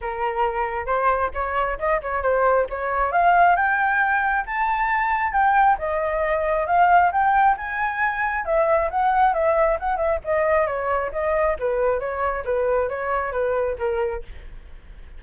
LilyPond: \new Staff \with { instrumentName = "flute" } { \time 4/4 \tempo 4 = 135 ais'2 c''4 cis''4 | dis''8 cis''8 c''4 cis''4 f''4 | g''2 a''2 | g''4 dis''2 f''4 |
g''4 gis''2 e''4 | fis''4 e''4 fis''8 e''8 dis''4 | cis''4 dis''4 b'4 cis''4 | b'4 cis''4 b'4 ais'4 | }